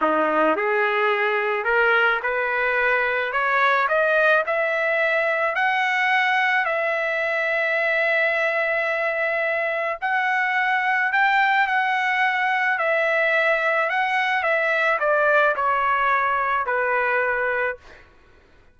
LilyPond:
\new Staff \with { instrumentName = "trumpet" } { \time 4/4 \tempo 4 = 108 dis'4 gis'2 ais'4 | b'2 cis''4 dis''4 | e''2 fis''2 | e''1~ |
e''2 fis''2 | g''4 fis''2 e''4~ | e''4 fis''4 e''4 d''4 | cis''2 b'2 | }